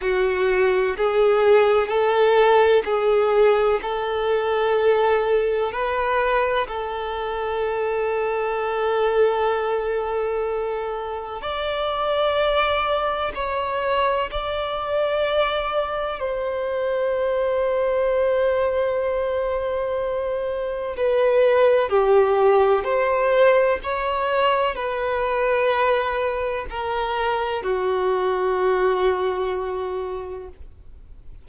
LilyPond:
\new Staff \with { instrumentName = "violin" } { \time 4/4 \tempo 4 = 63 fis'4 gis'4 a'4 gis'4 | a'2 b'4 a'4~ | a'1 | d''2 cis''4 d''4~ |
d''4 c''2.~ | c''2 b'4 g'4 | c''4 cis''4 b'2 | ais'4 fis'2. | }